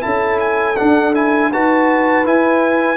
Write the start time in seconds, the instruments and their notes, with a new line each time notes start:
0.00 tuba C#4, trombone E4, horn A4, trumpet A5
0.40 trumpet G#5
0.76 trombone D4, tuba D4, trumpet F#5
1.14 trombone E4, trumpet G#5
1.51 tuba D#4, trombone F#4, horn B4, trumpet A5
2.25 trombone E4, tuba E4, trumpet G#5